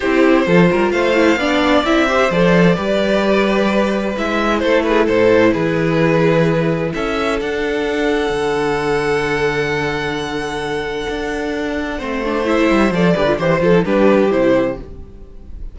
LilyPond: <<
  \new Staff \with { instrumentName = "violin" } { \time 4/4 \tempo 4 = 130 c''2 f''2 | e''4 d''2.~ | d''4 e''4 c''8 b'8 c''4 | b'2. e''4 |
fis''1~ | fis''1~ | fis''2. e''4 | d''4 c''8 a'8 b'4 c''4 | }
  \new Staff \with { instrumentName = "violin" } { \time 4/4 g'4 a'8 ais'8 c''4 d''4~ | d''8 c''4. b'2~ | b'2 a'8 gis'8 a'4 | gis'2. a'4~ |
a'1~ | a'1~ | a'2 c''2~ | c''8 b'8 c''4 g'2 | }
  \new Staff \with { instrumentName = "viola" } { \time 4/4 e'4 f'4. e'8 d'4 | e'8 g'8 a'4 g'2~ | g'4 e'2.~ | e'1 |
d'1~ | d'1~ | d'2 c'8 d'8 e'4 | a'8 g'16 f'16 g'8 f'16 e'16 d'4 e'4 | }
  \new Staff \with { instrumentName = "cello" } { \time 4/4 c'4 f8 g8 a4 b4 | c'4 f4 g2~ | g4 gis4 a4 a,4 | e2. cis'4 |
d'2 d2~ | d1 | d'2 a4. g8 | f8 d8 e8 f8 g4 c4 | }
>>